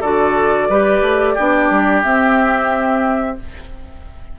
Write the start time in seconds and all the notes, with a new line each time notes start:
0.00 D3 F#4 A4 D5
0.68 G3 G4 B4
1.01 A3
1.34 B3 D4 G4
1.70 G3
2.02 C4 E5